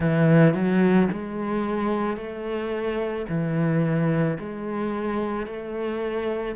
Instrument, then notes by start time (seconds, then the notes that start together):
cello
0.00 E3
0.54 F#3
1.12 G#3
2.17 A3
3.28 E3
4.39 G#3
5.46 A3